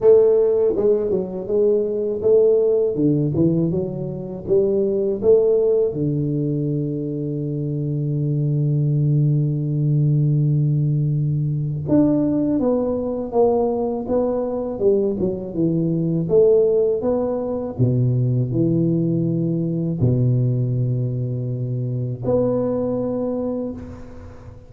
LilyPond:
\new Staff \with { instrumentName = "tuba" } { \time 4/4 \tempo 4 = 81 a4 gis8 fis8 gis4 a4 | d8 e8 fis4 g4 a4 | d1~ | d1 |
d'4 b4 ais4 b4 | g8 fis8 e4 a4 b4 | b,4 e2 b,4~ | b,2 b2 | }